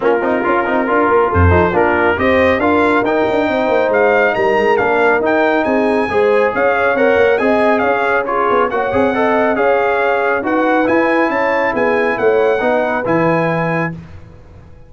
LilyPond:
<<
  \new Staff \with { instrumentName = "trumpet" } { \time 4/4 \tempo 4 = 138 ais'2. c''4 | ais'4 dis''4 f''4 g''4~ | g''4 f''4 ais''4 f''4 | g''4 gis''2 f''4 |
fis''4 gis''4 f''4 cis''4 | fis''2 f''2 | fis''4 gis''4 a''4 gis''4 | fis''2 gis''2 | }
  \new Staff \with { instrumentName = "horn" } { \time 4/4 f'2 ais'4 a'4 | f'4 c''4 ais'2 | c''2 ais'2~ | ais'4 gis'4 c''4 cis''4~ |
cis''4 dis''4 cis''4 gis'4 | cis''4 dis''4 cis''2 | b'2 cis''4 gis'4 | cis''4 b'2. | }
  \new Staff \with { instrumentName = "trombone" } { \time 4/4 cis'8 dis'8 f'8 dis'8 f'4. dis'8 | d'4 g'4 f'4 dis'4~ | dis'2. d'4 | dis'2 gis'2 |
ais'4 gis'2 f'4 | fis'8 gis'8 a'4 gis'2 | fis'4 e'2.~ | e'4 dis'4 e'2 | }
  \new Staff \with { instrumentName = "tuba" } { \time 4/4 ais8 c'8 cis'8 c'8 d'8 ais8 f,8 f8 | ais4 c'4 d'4 dis'8 d'8 | c'8 ais8 gis4 g8 gis8 ais4 | dis'4 c'4 gis4 cis'4 |
c'8 ais8 c'4 cis'4. b8 | ais8 c'4. cis'2 | dis'4 e'4 cis'4 b4 | a4 b4 e2 | }
>>